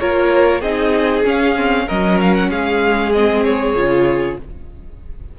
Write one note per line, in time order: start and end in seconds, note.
0.00 0.62 A#3
0.00 0.63 F4
0.00 0.61 A#4
0.00 0.62 C#5
0.61 1.24 C4
0.61 1.25 D#4
0.61 1.86 G#4
0.61 1.24 D#5
1.25 1.56 C#4
1.25 1.89 C#4
1.25 1.89 F5
1.56 1.88 C4
1.87 2.50 F#3
1.87 3.14 C#4
1.87 2.49 A#4
1.87 2.20 D#5
2.21 2.35 F5
2.35 2.51 F#5
2.50 3.75 G#3
2.50 4.38 G#4
2.50 3.12 F5
3.12 3.77 C4
3.12 3.44 D#5
3.45 4.38 C#5
3.75 4.37 C#3
3.75 4.39 F4